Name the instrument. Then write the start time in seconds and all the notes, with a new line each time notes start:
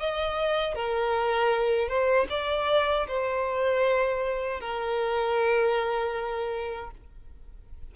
violin
0.00 D#5
0.75 A#4
1.88 C5
2.30 D5
3.08 C5
4.60 A#4